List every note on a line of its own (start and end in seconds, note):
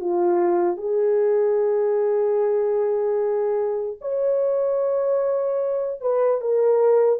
0.00 0.77 F4
0.77 3.97 G#4
4.01 6.01 C#5
6.01 6.41 B4
6.41 7.19 A#4